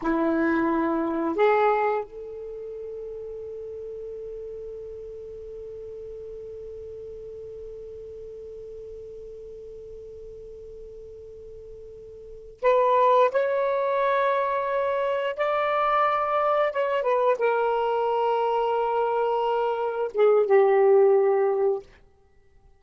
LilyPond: \new Staff \with { instrumentName = "saxophone" } { \time 4/4 \tempo 4 = 88 e'2 gis'4 a'4~ | a'1~ | a'1~ | a'1~ |
a'2~ a'8 b'4 cis''8~ | cis''2~ cis''8 d''4.~ | d''8 cis''8 b'8 ais'2~ ais'8~ | ais'4. gis'8 g'2 | }